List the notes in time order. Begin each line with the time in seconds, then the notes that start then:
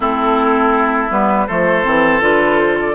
0.00 A3 C4 E4 A4
1.10 G3 B3 B4
1.47 F3 A3 A4 C5
1.84 E3 C4
2.20 D3 F4 B4
2.59 C5
2.79 D5